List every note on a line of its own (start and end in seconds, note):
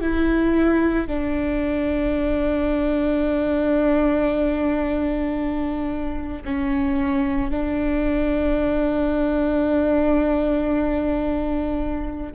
0.00 1.07 E4
1.07 6.43 D4
6.44 7.50 C#4
7.50 12.33 D4